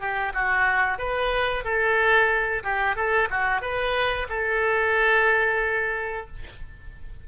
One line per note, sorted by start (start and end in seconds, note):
0.00 0.33 G4
0.34 0.99 F#4
0.99 1.64 B4
1.64 2.63 A4
2.63 2.96 G4
2.96 3.29 A4
3.30 3.62 F#4
3.62 4.28 B4
4.29 6.27 A4